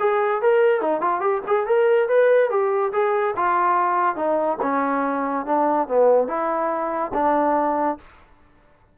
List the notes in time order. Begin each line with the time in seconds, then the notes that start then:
0.00 G#4
0.42 A#4
0.81 D#4
1.01 F4
1.21 G4
1.47 G#4
1.67 A#4
2.09 B4
2.50 G4
2.93 G#4
3.36 F4
4.16 D#4
4.62 C#4
5.46 D4
5.88 B3
6.28 E4
7.14 D4